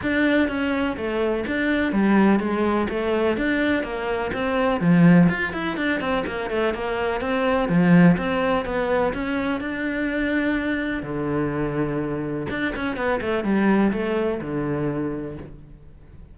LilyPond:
\new Staff \with { instrumentName = "cello" } { \time 4/4 \tempo 4 = 125 d'4 cis'4 a4 d'4 | g4 gis4 a4 d'4 | ais4 c'4 f4 f'8 e'8 | d'8 c'8 ais8 a8 ais4 c'4 |
f4 c'4 b4 cis'4 | d'2. d4~ | d2 d'8 cis'8 b8 a8 | g4 a4 d2 | }